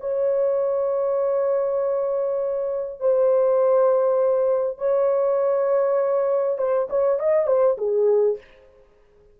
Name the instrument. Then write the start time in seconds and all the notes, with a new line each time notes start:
horn
0.00 C#5
3.00 C5
4.78 C#5
6.58 C5
6.89 C#5
7.19 D#5
7.47 C5
7.77 G#4